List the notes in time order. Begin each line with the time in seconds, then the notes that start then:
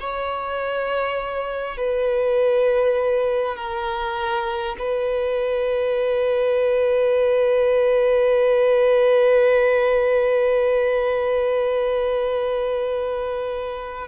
0.00 C#5
1.77 B4
3.56 A#4
4.78 B4